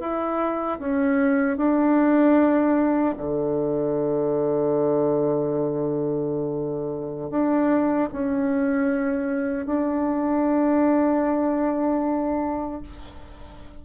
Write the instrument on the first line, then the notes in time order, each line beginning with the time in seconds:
bassoon
0.00 E4
0.79 C#4
1.57 D4
3.18 D3
7.30 D4
8.13 C#4
9.66 D4